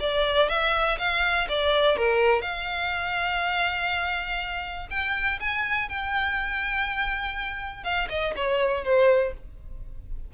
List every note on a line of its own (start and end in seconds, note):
0.00 0.49 D5
0.49 0.98 E5
0.98 1.47 F5
1.49 1.96 D5
1.96 2.41 A#4
2.41 4.87 F5
4.90 5.39 G5
5.40 5.89 G#5
5.89 7.83 G5
7.83 8.08 F5
8.09 8.34 D#5
8.36 8.84 C#5
8.84 9.34 C5